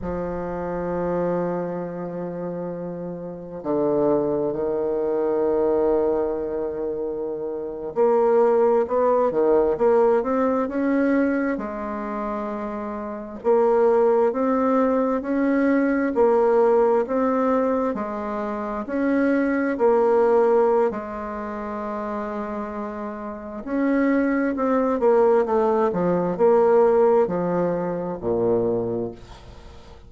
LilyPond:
\new Staff \with { instrumentName = "bassoon" } { \time 4/4 \tempo 4 = 66 f1 | d4 dis2.~ | dis8. ais4 b8 dis8 ais8 c'8 cis'16~ | cis'8. gis2 ais4 c'16~ |
c'8. cis'4 ais4 c'4 gis16~ | gis8. cis'4 ais4~ ais16 gis4~ | gis2 cis'4 c'8 ais8 | a8 f8 ais4 f4 ais,4 | }